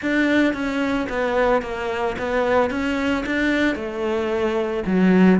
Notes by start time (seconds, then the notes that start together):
0.01 D4
0.53 C#4
1.09 B3
1.62 A#3
2.18 B3
2.70 C#4
3.26 D4
3.75 A3
4.86 F#3